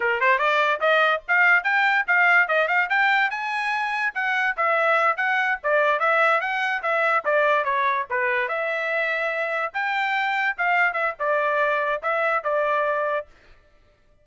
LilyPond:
\new Staff \with { instrumentName = "trumpet" } { \time 4/4 \tempo 4 = 145 ais'8 c''8 d''4 dis''4 f''4 | g''4 f''4 dis''8 f''8 g''4 | gis''2 fis''4 e''4~ | e''8 fis''4 d''4 e''4 fis''8~ |
fis''8 e''4 d''4 cis''4 b'8~ | b'8 e''2. g''8~ | g''4. f''4 e''8 d''4~ | d''4 e''4 d''2 | }